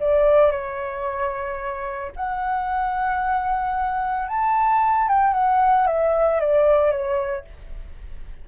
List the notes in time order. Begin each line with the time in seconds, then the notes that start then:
0.00 D5
0.52 C#5
2.16 F#5
4.28 A5
5.09 G5
5.34 F#5
5.87 E5
6.41 D5
6.92 C#5